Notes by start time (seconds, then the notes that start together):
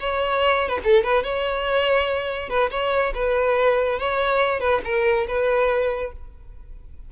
0.00 C#5
0.69 B4
0.84 A4
1.04 B4
1.23 C#5
2.49 B4
2.71 C#5
3.14 B4
3.99 C#5
4.60 B4
4.84 A#4
5.27 B4